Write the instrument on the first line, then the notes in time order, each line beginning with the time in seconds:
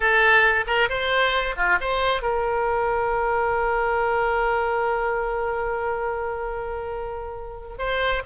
oboe
0.00 A4
0.66 A#4
0.89 C5
1.56 F4
1.80 C5
2.22 A#4
7.78 C5